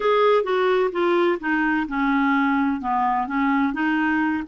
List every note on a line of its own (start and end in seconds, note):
0.00 0.43 G#4
0.43 0.90 F#4
0.92 1.38 F4
1.40 1.87 D#4
1.87 2.80 C#4
2.80 3.27 B3
3.27 3.73 C#4
3.73 4.43 D#4